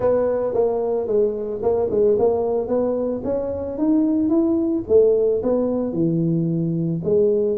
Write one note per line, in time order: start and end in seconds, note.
0.00 0.53 B3
0.53 1.07 A#3
1.07 1.61 G#3
1.62 1.89 A#3
1.90 2.17 G#3
2.18 2.67 A#3
2.67 3.21 B3
3.24 3.78 C#4
3.78 4.29 D#4
4.29 4.83 E4
4.88 5.42 A3
5.43 5.93 B3
5.93 7.01 E3
7.04 7.57 G#3